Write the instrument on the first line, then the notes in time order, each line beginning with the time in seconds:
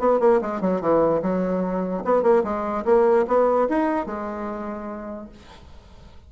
bassoon
0.00 B3
0.20 A#3
0.42 G#3
0.61 F#3
0.81 E3
1.23 F#3
2.05 B3
2.23 A#3
2.44 G#3
2.86 A#3
3.28 B3
3.70 D#4
4.07 G#3